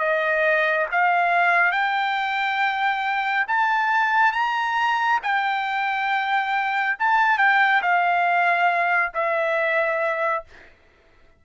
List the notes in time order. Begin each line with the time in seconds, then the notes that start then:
0.00 D#5
0.92 F5
1.72 G5
3.48 A5
4.33 A#5
5.23 G5
7.00 A5
7.38 G5
7.83 F5
9.14 E5